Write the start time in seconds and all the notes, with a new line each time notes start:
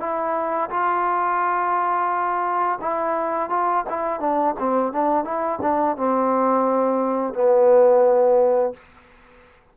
0.00 E4
0.70 F4
2.81 E4
3.49 F4
3.89 E4
4.20 D4
4.59 C4
4.92 D4
5.25 E4
5.62 D4
5.97 C4
7.34 B3